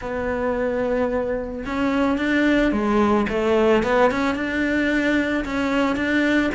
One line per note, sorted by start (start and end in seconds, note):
0.01 1.65 B3
1.65 2.17 C#4
2.17 2.71 D4
2.72 3.26 G#3
3.29 3.83 A3
3.83 4.10 B3
4.10 4.35 C#4
4.35 5.44 D4
5.44 5.96 C#4
5.96 6.50 D4